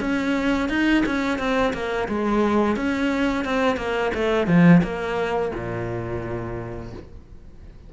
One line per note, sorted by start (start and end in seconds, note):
0.00 0.69 C#4
0.69 1.03 D#4
1.06 1.38 C#4
1.38 1.73 C4
1.73 2.08 A#3
2.08 2.76 G#3
2.76 3.44 C#4
3.44 3.76 C4
3.76 4.11 A#3
4.14 4.47 A3
4.47 4.81 F3
4.82 5.51 A#3
5.55 6.93 A#2